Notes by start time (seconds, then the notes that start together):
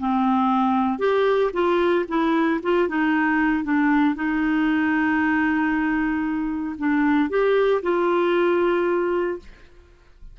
0.00 C4
0.99 G4
1.54 F4
2.09 E4
2.63 F4
2.89 D#4
3.65 D4
4.15 D#4
6.79 D4
7.30 G4
7.83 F4